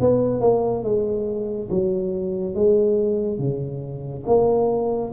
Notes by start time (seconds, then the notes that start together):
0.00 B3
0.41 A#3
0.83 G#3
1.70 F#3
2.54 G#3
3.39 C#3
4.26 A#3